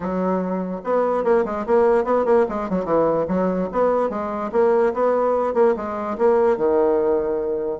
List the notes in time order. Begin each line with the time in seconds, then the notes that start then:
0.00 F#3
0.84 B3
1.23 A#3
1.45 G#3
1.66 A#3
2.04 B3
2.25 A#3
2.49 G#3
2.69 F#3
2.84 E3
3.28 F#3
3.72 B3
4.09 G#3
4.52 A#3
4.93 B3
5.54 A#3
5.76 G#3
6.18 A#3
6.57 D#3